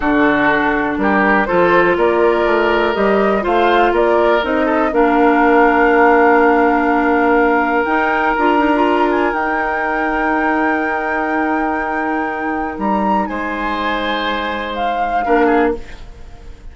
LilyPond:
<<
  \new Staff \with { instrumentName = "flute" } { \time 4/4 \tempo 4 = 122 a'2 ais'4 c''4 | d''2 dis''4 f''4 | d''4 dis''4 f''2~ | f''1 |
g''4 ais''4. gis''8 g''4~ | g''1~ | g''2 ais''4 gis''4~ | gis''2 f''2 | }
  \new Staff \with { instrumentName = "oboe" } { \time 4/4 fis'2 g'4 a'4 | ais'2. c''4 | ais'4. a'8 ais'2~ | ais'1~ |
ais'1~ | ais'1~ | ais'2. c''4~ | c''2. ais'8 gis'8 | }
  \new Staff \with { instrumentName = "clarinet" } { \time 4/4 d'2. f'4~ | f'2 g'4 f'4~ | f'4 dis'4 d'2~ | d'1 |
dis'4 f'8 dis'16 f'4~ f'16 dis'4~ | dis'1~ | dis'1~ | dis'2. d'4 | }
  \new Staff \with { instrumentName = "bassoon" } { \time 4/4 d2 g4 f4 | ais4 a4 g4 a4 | ais4 c'4 ais2~ | ais1 |
dis'4 d'2 dis'4~ | dis'1~ | dis'2 g4 gis4~ | gis2. ais4 | }
>>